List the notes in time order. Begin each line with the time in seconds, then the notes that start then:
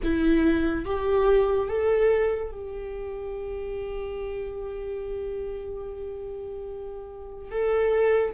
0.03 E4
0.85 G4
1.68 A4
2.52 G4
7.51 A4